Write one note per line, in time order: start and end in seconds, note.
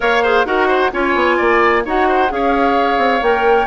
0.00 0.45 A#3
0.00 0.20 A#4
0.00 0.22 C#5
0.00 0.45 F5
0.22 0.45 G#4
0.22 0.45 C5
0.45 0.91 D#4
0.45 0.91 F#4
0.45 0.67 A#4
0.45 0.91 F#5
0.67 0.90 C5
0.91 1.14 C#4
0.91 1.83 F4
0.91 1.36 C#5
0.91 1.85 G#5
1.14 1.37 B3
1.36 1.85 A#3
1.36 1.83 D5
1.85 2.31 D#4
1.85 2.28 F#4
1.85 2.07 C#5
1.85 2.32 F#5
2.07 2.30 C5
2.28 2.97 C#4
2.28 3.20 G#4
2.28 3.23 F5
2.34 3.66 C#5
2.97 3.20 C4
3.21 3.66 A#3
3.21 3.66 A#4
3.21 3.66 G5